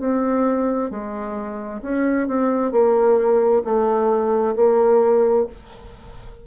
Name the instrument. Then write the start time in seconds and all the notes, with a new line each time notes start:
bassoon
0.00 C4
0.91 G#3
1.82 C#4
2.28 C4
2.72 A#3
3.65 A3
4.56 A#3